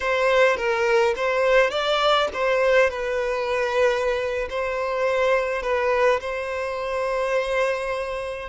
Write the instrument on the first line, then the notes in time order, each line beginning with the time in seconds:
violin
0.00 C5
0.56 A#4
1.16 C5
1.70 D5
2.33 C5
2.90 B4
4.49 C5
5.62 B4
6.20 C5